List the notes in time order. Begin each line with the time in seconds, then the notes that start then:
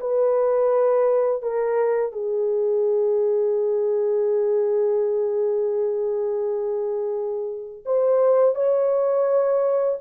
0.00 B4
1.42 A#4
2.12 G#4
7.85 C5
8.55 C#5